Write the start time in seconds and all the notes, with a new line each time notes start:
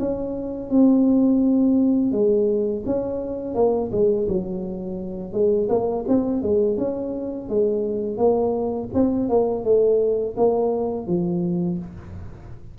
0.00 C#4
0.70 C4
2.12 G#3
2.86 C#4
3.55 A#3
3.92 G#3
4.29 F#3
5.33 G#3
5.69 A#3
6.08 C4
6.43 G#3
6.78 C#4
7.49 G#3
8.18 A#3
8.94 C4
9.30 A#3
9.65 A3
10.37 A#3
11.07 F3